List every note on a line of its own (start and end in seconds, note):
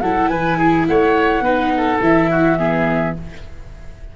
0.00 0.30 F#3
0.00 1.44 E4
0.00 0.30 A4
0.00 0.28 F#5
0.28 0.87 E3
0.28 0.57 B4
0.28 0.85 G#5
0.57 0.86 G#4
0.87 1.40 A3
0.87 1.43 C#5
0.87 2.01 F#5
1.40 1.97 B3
1.40 2.01 D#4
1.40 1.72 B4
1.77 2.30 A4
2.01 3.15 E3
2.01 2.58 E4
2.01 3.16 E5
2.30 2.58 F#4
2.58 3.16 B3
2.58 3.15 G#4